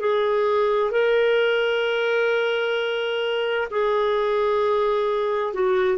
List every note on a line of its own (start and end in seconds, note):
0.00 0.91 G#4
0.91 3.68 A#4
3.71 5.54 G#4
5.54 5.98 F#4